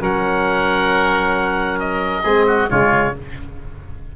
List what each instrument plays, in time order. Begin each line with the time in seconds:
0.00 tuba F#3, trombone C#4, oboe A#4 F#5
1.79 oboe D#5
2.23 tuba G#3, trombone C4, oboe G#4
2.47 oboe F#4
2.69 tuba C#3, trombone G#3, oboe F4 C#5